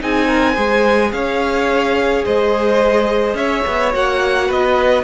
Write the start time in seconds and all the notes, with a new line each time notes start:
0.00 C4 D#4 G#4 G#5
0.28 A#4
0.54 G#3 G#4 C5
1.12 C#4 C#5 F5
2.25 G#3 C5 D#5
3.34 C#4 C#5 E5
3.67 B3
3.93 A#3 F#4 F#5
4.48 B3 B4 D#5